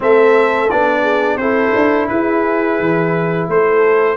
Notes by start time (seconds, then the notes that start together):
0.00 A3 C4 A4 E5
0.69 B3 D4 D5
1.01 G#4
1.36 C4 E4 A4 C5
1.75 D4
2.08 E4 G#4 B4
2.79 E3
3.48 A3 A4 C5